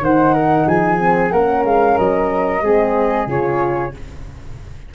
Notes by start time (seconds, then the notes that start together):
0.00 D#3 D#4 C5 F#5
0.33 A#4
0.66 F3 G#4 G#5
0.98 C4
1.31 A#3 C#4 A#4 F#5
1.64 G#3 F5
1.98 F#3 D#5
2.61 G#3 C4 G#4
3.26 C#3 F4 C#5